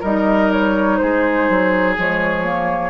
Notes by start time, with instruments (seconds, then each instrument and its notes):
0.00 bassoon G3, clarinet D#4, oboe A#4, flute D#5
0.53 flute C#5
0.98 bassoon G#3, oboe G#4, flute C5
1.50 bassoon F#3
1.97 bassoon F3, clarinet G#3, flute C#5
2.44 clarinet A#3